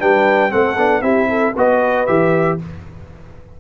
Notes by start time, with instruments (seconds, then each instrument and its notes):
0.00 tuba G3, trombone D4, horn B4, trumpet G5
0.50 tuba A3, trombone C4, horn A4, trumpet F#5
0.77 tuba B3, trombone D4
1.02 tuba C4, trombone E4, horn G4, trumpet E5
1.29 horn A4
1.56 tuba B3, trombone F#4, horn B4, trumpet D#5
2.06 tuba E3, trombone G4, trumpet E5